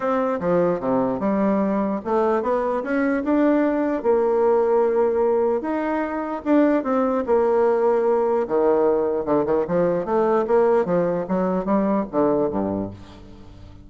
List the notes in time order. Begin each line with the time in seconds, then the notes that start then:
0.00 C4
0.40 F3
0.80 C3
1.19 G3
2.04 A3
2.42 B3
2.83 C#4
3.24 D4
4.02 A#3
5.61 D#4
6.44 D4
6.83 C4
7.26 A#3
8.47 D#3
9.25 D3
9.45 D#3
9.67 F3
10.05 A3
10.47 A#3
10.85 F3
11.28 F#3
11.65 G3
12.11 D3
12.49 G2